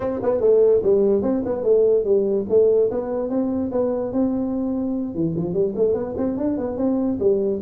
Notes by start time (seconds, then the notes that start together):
0.00 C4
0.22 B3
0.40 A3
0.83 G3
1.22 C4
1.45 B3
1.63 A3
2.04 G3
2.49 A3
2.90 B3
3.29 C4
3.71 B3
4.12 C4
5.14 E3
5.36 F3
5.53 G3
5.75 A3
5.94 B3
6.17 C4
6.37 D4
6.57 B3
6.77 C4
7.19 G3